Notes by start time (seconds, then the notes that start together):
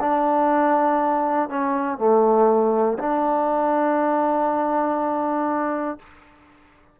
0.00 D4
1.49 C#4
1.98 A3
2.99 D4